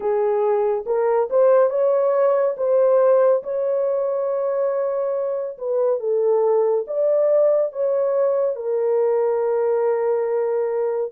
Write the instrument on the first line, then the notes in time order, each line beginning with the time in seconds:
horn
0.00 G#4
0.86 A#4
1.29 C5
1.69 C#5
2.57 C5
3.43 C#5
5.58 B4
5.99 A4
6.86 D5
7.72 C#5
8.55 A#4